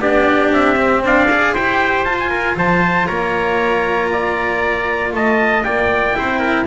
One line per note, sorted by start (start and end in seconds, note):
0.00 0.51 B3
0.00 0.76 D4
0.00 1.04 G4
0.00 0.52 D5
0.51 1.03 C4
0.51 1.04 E5
0.76 1.27 C4
1.03 1.54 D4
1.03 1.54 D5
1.03 1.55 F5
1.31 1.57 G#4
1.54 2.05 E4
1.54 2.07 G4
1.54 2.30 C5
1.54 2.05 G5
2.05 2.56 F4
2.05 6.14 F4
2.05 2.18 A5
2.19 2.58 G#5
2.30 2.56 A#4
2.56 3.07 F3
2.56 3.08 C5
2.56 3.07 A5
3.07 5.13 A#3
3.07 4.10 C#5
3.07 5.12 A#5
4.13 5.15 D5
5.13 5.65 A3
5.13 5.66 D#5
5.13 5.64 A5
5.64 6.17 A#3
5.64 6.17 D5
5.64 6.66 G5
6.14 6.68 C4
6.14 6.66 E4
6.14 6.39 C5
6.39 6.65 A#4